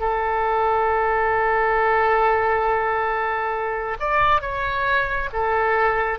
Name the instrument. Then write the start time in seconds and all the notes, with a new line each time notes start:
oboe
0.00 A4
3.99 D5
4.41 C#5
5.33 A4